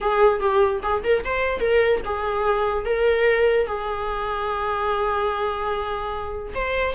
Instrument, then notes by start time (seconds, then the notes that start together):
viola
0.00 G#4
0.40 G4
0.83 G#4
1.03 A#4
1.24 C5
1.60 A#4
2.05 G#4
2.85 A#4
3.66 G#4
6.54 C5